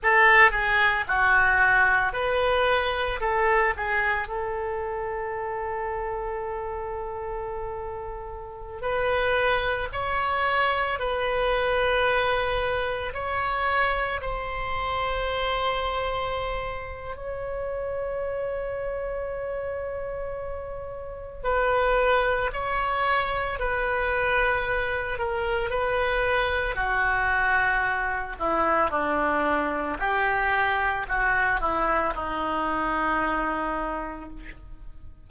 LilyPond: \new Staff \with { instrumentName = "oboe" } { \time 4/4 \tempo 4 = 56 a'8 gis'8 fis'4 b'4 a'8 gis'8 | a'1~ | a'16 b'4 cis''4 b'4.~ b'16~ | b'16 cis''4 c''2~ c''8. |
cis''1 | b'4 cis''4 b'4. ais'8 | b'4 fis'4. e'8 d'4 | g'4 fis'8 e'8 dis'2 | }